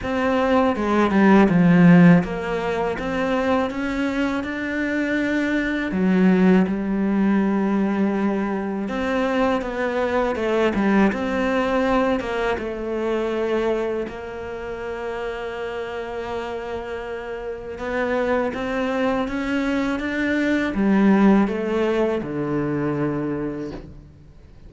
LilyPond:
\new Staff \with { instrumentName = "cello" } { \time 4/4 \tempo 4 = 81 c'4 gis8 g8 f4 ais4 | c'4 cis'4 d'2 | fis4 g2. | c'4 b4 a8 g8 c'4~ |
c'8 ais8 a2 ais4~ | ais1 | b4 c'4 cis'4 d'4 | g4 a4 d2 | }